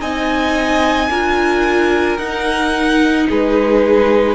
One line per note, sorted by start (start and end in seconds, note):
0.00 1.09 C4
0.00 1.10 D#4
0.00 1.09 D#5
0.00 2.18 G#5
1.09 2.18 D4
1.09 2.19 F4
1.09 3.28 A#4
2.18 3.28 D#4
2.18 4.35 D#4
2.18 3.27 F#5
3.29 4.35 G#3
3.29 4.35 G#4
3.29 4.35 B4